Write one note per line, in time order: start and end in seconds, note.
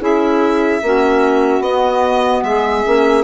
0.00 0.81 C#4
0.00 0.81 E4
0.00 0.81 G#4
0.00 1.62 E5
0.83 1.60 A#3
0.83 1.64 C#4
0.83 2.46 F#4
1.60 2.41 B3
1.60 2.86 B3
1.60 2.44 D#5
2.43 2.84 G#3
2.43 3.24 G#4
2.43 3.24 E5
2.86 3.24 A#3
2.86 3.24 C#4